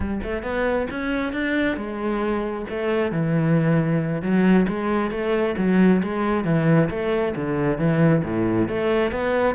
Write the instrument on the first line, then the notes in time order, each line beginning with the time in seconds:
cello
0.00 G3
0.23 A3
0.42 B3
0.90 C#4
1.33 D4
1.77 G#3
2.69 A3
3.11 E3
4.22 F#3
4.68 G#3
5.11 A3
5.57 F#3
6.02 G#3
6.44 E3
6.89 A3
7.35 D3
7.78 E3
8.23 A2
8.68 A3
9.11 B3